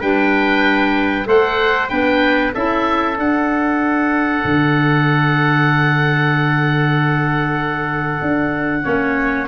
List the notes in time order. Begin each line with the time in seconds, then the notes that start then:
0.00 G3 D4 B4 G5
1.26 A3 A4 C5 F#5
1.89 B3 D4 B4 G5
2.55 C#4 E4 A4 E5
3.16 D4 F#5
4.45 D3
8.22 D4
8.84 A#3 C#4 C#5